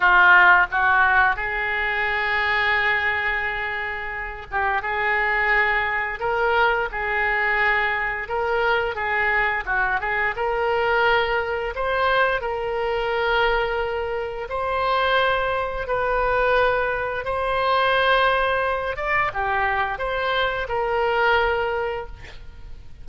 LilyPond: \new Staff \with { instrumentName = "oboe" } { \time 4/4 \tempo 4 = 87 f'4 fis'4 gis'2~ | gis'2~ gis'8 g'8 gis'4~ | gis'4 ais'4 gis'2 | ais'4 gis'4 fis'8 gis'8 ais'4~ |
ais'4 c''4 ais'2~ | ais'4 c''2 b'4~ | b'4 c''2~ c''8 d''8 | g'4 c''4 ais'2 | }